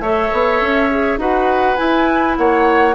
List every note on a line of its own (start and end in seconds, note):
0.00 0.29 A3
0.00 0.91 A4
0.00 1.19 C#5
0.00 1.18 E5
0.33 0.61 B3
0.61 1.18 C#4
0.91 1.19 G#4
1.18 1.76 D#4
1.18 1.77 F#4
1.18 2.38 B4
1.18 1.77 F#5
1.77 2.94 E4
1.77 2.38 E4
1.77 2.36 G#5
2.38 2.95 A#3
2.38 2.95 C#5
2.38 2.95 F#5